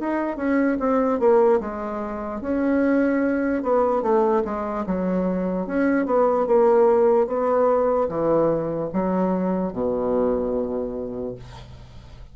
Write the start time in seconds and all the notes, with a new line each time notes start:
0.00 D#4
0.37 C#4
0.80 C4
1.20 A#3
1.60 G#3
2.41 C#4
3.63 B3
4.02 A3
4.45 G#3
4.87 F#3
5.67 C#4
6.06 B3
6.47 A#3
7.28 B3
8.09 E3
8.93 F#3
9.73 B2